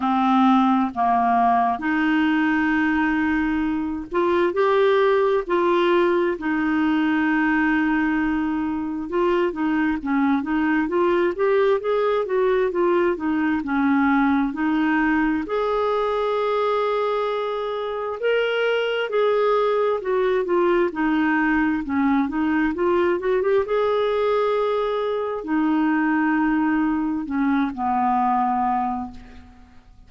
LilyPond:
\new Staff \with { instrumentName = "clarinet" } { \time 4/4 \tempo 4 = 66 c'4 ais4 dis'2~ | dis'8 f'8 g'4 f'4 dis'4~ | dis'2 f'8 dis'8 cis'8 dis'8 | f'8 g'8 gis'8 fis'8 f'8 dis'8 cis'4 |
dis'4 gis'2. | ais'4 gis'4 fis'8 f'8 dis'4 | cis'8 dis'8 f'8 fis'16 g'16 gis'2 | dis'2 cis'8 b4. | }